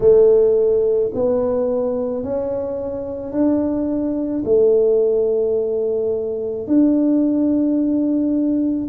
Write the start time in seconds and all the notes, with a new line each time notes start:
0.00 A3
1.14 B3
2.23 C#4
3.31 D4
4.44 A3
6.67 D4